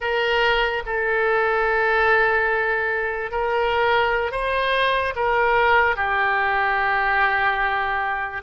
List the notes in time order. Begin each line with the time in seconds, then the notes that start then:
0.00 A#4
0.86 A4
3.31 A#4
4.32 C5
5.15 A#4
5.96 G4